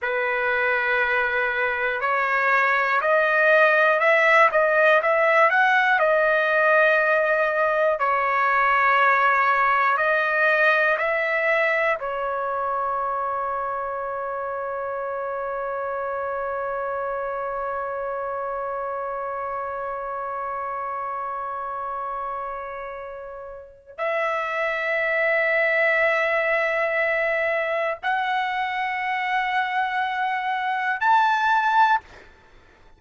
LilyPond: \new Staff \with { instrumentName = "trumpet" } { \time 4/4 \tempo 4 = 60 b'2 cis''4 dis''4 | e''8 dis''8 e''8 fis''8 dis''2 | cis''2 dis''4 e''4 | cis''1~ |
cis''1~ | cis''1 | e''1 | fis''2. a''4 | }